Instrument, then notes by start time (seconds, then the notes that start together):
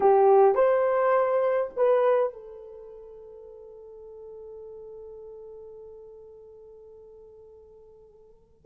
horn
0.00 G4
0.55 C5
1.76 B4
2.32 A4